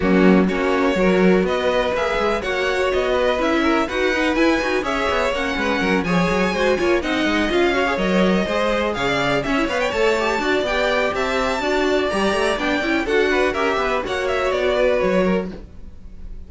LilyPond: <<
  \new Staff \with { instrumentName = "violin" } { \time 4/4 \tempo 4 = 124 fis'4 cis''2 dis''4 | e''4 fis''4 dis''4 e''4 | fis''4 gis''4 e''4 fis''4~ | fis''8 gis''2 fis''4 f''8~ |
f''8 dis''2 f''4 e''8 | f''16 g''16 a''4. g''4 a''4~ | a''4 ais''4 g''4 fis''4 | e''4 fis''8 e''8 d''4 cis''4 | }
  \new Staff \with { instrumentName = "violin" } { \time 4/4 cis'4 fis'4 ais'4 b'4~ | b'4 cis''4. b'4 ais'8 | b'2 cis''4. b'8 | ais'8 cis''4 c''8 cis''8 dis''4. |
cis''4. c''4 cis''16 d''8. cis''8~ | cis''4. d''4. e''4 | d''2. a'8 b'8 | ais'8 b'8 cis''4. b'4 ais'8 | }
  \new Staff \with { instrumentName = "viola" } { \time 4/4 ais4 cis'4 fis'2 | gis'4 fis'2 e'4 | fis'8 dis'8 e'8 fis'8 gis'4 cis'4~ | cis'8 gis'4 fis'8 f'8 dis'4 f'8 |
fis'16 gis'16 ais'4 gis'2 cis'16 e'16 | b'8 a'8 g'8 fis'8 g'2 | fis'4 g'4 d'8 e'8 fis'4 | g'4 fis'2. | }
  \new Staff \with { instrumentName = "cello" } { \time 4/4 fis4 ais4 fis4 b4 | ais8 gis8 ais4 b4 cis'4 | dis'4 e'8 dis'8 cis'8 b8 ais8 gis8 | fis8 f8 fis8 gis8 ais8 c'8 gis8 cis'8~ |
cis'8 fis4 gis4 cis4 cis'8 | b8 a4 d'8 b4 c'4 | d'4 g8 a8 b8 cis'8 d'4 | cis'8 b8 ais4 b4 fis4 | }
>>